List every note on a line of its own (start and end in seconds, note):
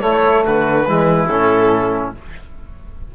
0.00 0.85 A3
0.00 0.45 A3
0.00 0.43 E4
0.00 0.44 C#5
0.45 0.88 D3
0.45 0.87 F#4
0.45 1.26 B4
0.87 1.29 E3
0.87 1.29 G#3
0.87 2.15 E4
1.26 2.13 A2
1.26 2.15 C#4
1.26 2.11 A4